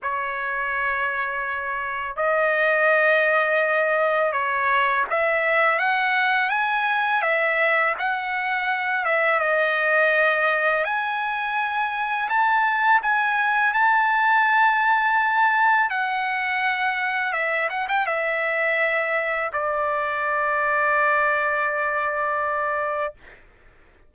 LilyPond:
\new Staff \with { instrumentName = "trumpet" } { \time 4/4 \tempo 4 = 83 cis''2. dis''4~ | dis''2 cis''4 e''4 | fis''4 gis''4 e''4 fis''4~ | fis''8 e''8 dis''2 gis''4~ |
gis''4 a''4 gis''4 a''4~ | a''2 fis''2 | e''8 fis''16 g''16 e''2 d''4~ | d''1 | }